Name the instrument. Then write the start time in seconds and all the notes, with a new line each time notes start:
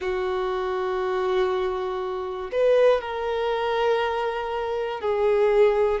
violin
0.00 F#4
2.52 B4
3.00 A#4
5.00 G#4